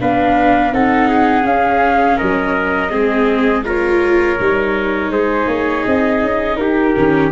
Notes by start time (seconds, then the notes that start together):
0.00 B3 D4 B4 F5
0.72 C4 D#4 A4 F#5
1.08 G#4
1.43 C#4 F5
2.17 F#3 A#4 D#5
2.89 G#3 C4 G#4
3.65 F4 A#4 C#5
4.39 G3 D#4
5.10 G#3 G#4 C5
5.47 A#3 C#5
5.86 C4 D#5
6.22 C#4
6.56 D#4 G4 A#4
6.96 D#3 C#4